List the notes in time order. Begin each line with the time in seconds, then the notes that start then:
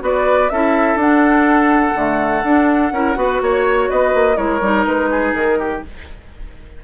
0.00 B3 F#4 B4 D5
0.49 C#4 E4 A4 E5
0.95 D4 F#5
1.95 D3 A3
2.44 D4
2.92 C#4 E4 A#4
3.15 B3 F#4 B4
3.41 A#3 C#5
3.90 B3 B4 D#5
4.14 A#3
4.35 G#3 E4 A#4 C#5
4.61 G3 D#4
4.86 G#3 B4
5.10 G#4
5.34 D#3 A#4
5.59 G4